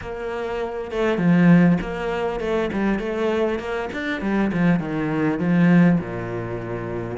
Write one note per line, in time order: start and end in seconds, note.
0.01 0.91 A#3
0.91 1.18 A3
1.18 1.78 F3
1.81 2.40 A#3
2.40 2.70 A3
2.72 2.99 G3
2.99 3.59 A3
3.59 3.89 A#3
3.92 4.21 D4
4.21 4.51 G3
4.52 4.79 F3
4.79 5.39 D#3
5.39 5.99 F3
5.99 7.17 A#2